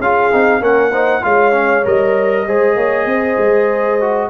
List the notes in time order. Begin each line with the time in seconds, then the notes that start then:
0.00 C#4 F4 G#4 F5
0.33 C4 D#4
0.61 A#3 C#4 A#4 F#5
0.92 D#4 C5
1.22 G#3 F4 C#5 F5
1.52 C#4
1.85 G3 A#4 D#5
2.47 G#3 G#4 C5
2.77 A#3 C#5
3.06 C4 C5
3.38 G#3
4.01 F#4